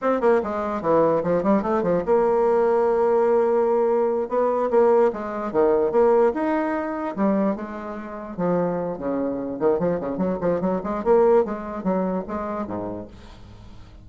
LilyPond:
\new Staff \with { instrumentName = "bassoon" } { \time 4/4 \tempo 4 = 147 c'8 ais8 gis4 e4 f8 g8 | a8 f8 ais2.~ | ais2~ ais8 b4 ais8~ | ais8 gis4 dis4 ais4 dis'8~ |
dis'4. g4 gis4.~ | gis8 f4. cis4. dis8 | f8 cis8 fis8 f8 fis8 gis8 ais4 | gis4 fis4 gis4 gis,4 | }